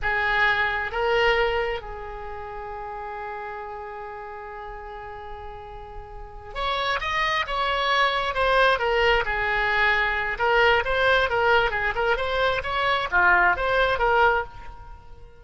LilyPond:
\new Staff \with { instrumentName = "oboe" } { \time 4/4 \tempo 4 = 133 gis'2 ais'2 | gis'1~ | gis'1~ | gis'2~ gis'8 cis''4 dis''8~ |
dis''8 cis''2 c''4 ais'8~ | ais'8 gis'2~ gis'8 ais'4 | c''4 ais'4 gis'8 ais'8 c''4 | cis''4 f'4 c''4 ais'4 | }